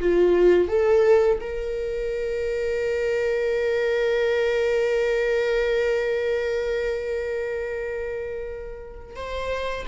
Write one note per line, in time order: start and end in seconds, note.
0.00 0.68 F4
0.68 1.39 A4
1.41 9.16 A#4
9.16 9.86 C5